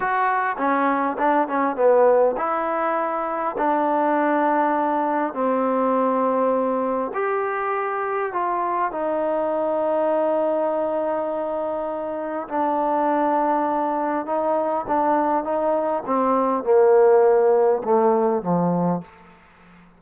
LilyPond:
\new Staff \with { instrumentName = "trombone" } { \time 4/4 \tempo 4 = 101 fis'4 cis'4 d'8 cis'8 b4 | e'2 d'2~ | d'4 c'2. | g'2 f'4 dis'4~ |
dis'1~ | dis'4 d'2. | dis'4 d'4 dis'4 c'4 | ais2 a4 f4 | }